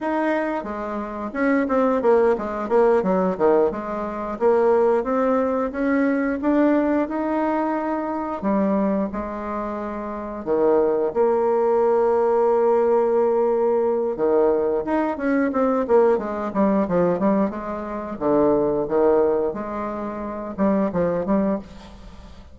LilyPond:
\new Staff \with { instrumentName = "bassoon" } { \time 4/4 \tempo 4 = 89 dis'4 gis4 cis'8 c'8 ais8 gis8 | ais8 fis8 dis8 gis4 ais4 c'8~ | c'8 cis'4 d'4 dis'4.~ | dis'8 g4 gis2 dis8~ |
dis8 ais2.~ ais8~ | ais4 dis4 dis'8 cis'8 c'8 ais8 | gis8 g8 f8 g8 gis4 d4 | dis4 gis4. g8 f8 g8 | }